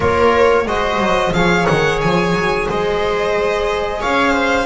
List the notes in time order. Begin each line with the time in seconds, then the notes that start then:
0.00 A#3 F4 A#4 C#5
0.66 G#3 F#4 C5 D#5
0.98 F#3
1.33 F3 G#4 C#5 F5
1.66 D#3 F#5
2.01 F3 G#5
2.34 F#3
2.66 G#3 C5 D#5
4.00 C#4 C#5 F5
4.33 C5